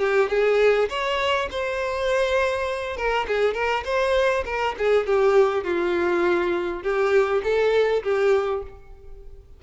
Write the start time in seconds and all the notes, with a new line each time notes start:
0.00 G4
0.30 G#4
0.90 C#5
1.51 C5
2.97 A#4
3.28 G#4
3.55 A#4
3.85 C5
4.46 A#4
4.78 G#4
5.07 G4
5.64 F4
6.83 G4
7.44 A4
8.04 G4